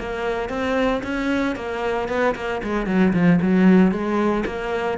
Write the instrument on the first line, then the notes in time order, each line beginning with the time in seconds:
cello
0.00 A#3
0.50 C4
1.04 C#4
1.56 A#3
2.09 B3
2.36 A#3
2.64 G#3
2.87 F#3
3.14 F3
3.42 F#3
3.92 G#3
4.46 A#3